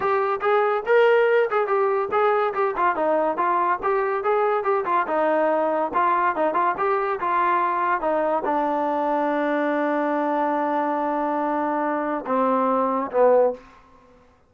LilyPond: \new Staff \with { instrumentName = "trombone" } { \time 4/4 \tempo 4 = 142 g'4 gis'4 ais'4. gis'8 | g'4 gis'4 g'8 f'8 dis'4 | f'4 g'4 gis'4 g'8 f'8 | dis'2 f'4 dis'8 f'8 |
g'4 f'2 dis'4 | d'1~ | d'1~ | d'4 c'2 b4 | }